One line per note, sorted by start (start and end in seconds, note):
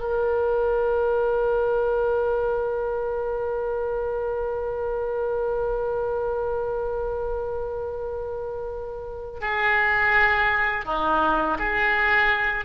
0.00 9.40 A#4
9.40 10.85 G#4
10.85 11.57 D#4
11.58 12.65 G#4